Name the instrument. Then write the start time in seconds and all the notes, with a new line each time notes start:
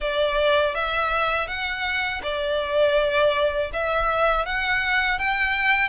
violin
0.00 D5
0.74 E5
1.47 F#5
2.23 D5
3.73 E5
4.45 F#5
5.18 G5